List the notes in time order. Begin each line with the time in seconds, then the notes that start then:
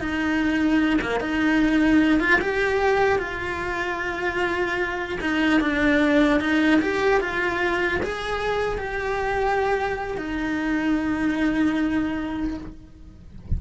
0.00 D#4
1.01 A#3
1.21 D#4
2.20 F4
2.41 G4
3.19 F4
5.21 D#4
5.61 D4
6.41 D#4
6.81 G4
7.21 F4
8.03 G#4
8.78 G4
10.17 D#4